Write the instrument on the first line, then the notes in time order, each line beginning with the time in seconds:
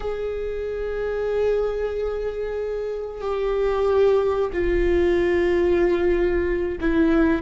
viola
0.00 G#4
3.21 G4
4.52 F4
6.80 E4